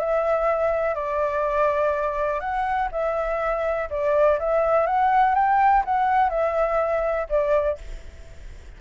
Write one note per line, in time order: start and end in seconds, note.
0.00 0.95 E5
0.95 2.40 D5
2.40 2.89 F#5
2.92 3.89 E5
3.90 4.39 D5
4.39 4.87 E5
4.87 5.35 F#5
5.35 5.84 G5
5.85 6.30 F#5
6.30 7.27 E5
7.29 7.78 D5